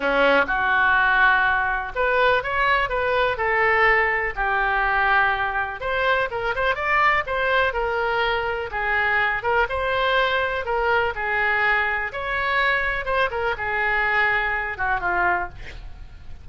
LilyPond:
\new Staff \with { instrumentName = "oboe" } { \time 4/4 \tempo 4 = 124 cis'4 fis'2. | b'4 cis''4 b'4 a'4~ | a'4 g'2. | c''4 ais'8 c''8 d''4 c''4 |
ais'2 gis'4. ais'8 | c''2 ais'4 gis'4~ | gis'4 cis''2 c''8 ais'8 | gis'2~ gis'8 fis'8 f'4 | }